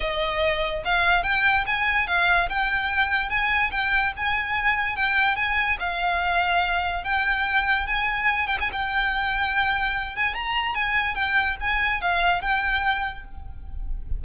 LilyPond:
\new Staff \with { instrumentName = "violin" } { \time 4/4 \tempo 4 = 145 dis''2 f''4 g''4 | gis''4 f''4 g''2 | gis''4 g''4 gis''2 | g''4 gis''4 f''2~ |
f''4 g''2 gis''4~ | gis''8 g''16 gis''16 g''2.~ | g''8 gis''8 ais''4 gis''4 g''4 | gis''4 f''4 g''2 | }